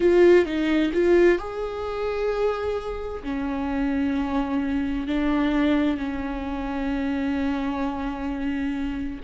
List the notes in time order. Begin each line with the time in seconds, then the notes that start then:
0.00 F4
0.45 D#4
0.93 F4
1.38 G#4
3.23 C#4
5.07 D4
5.97 C#4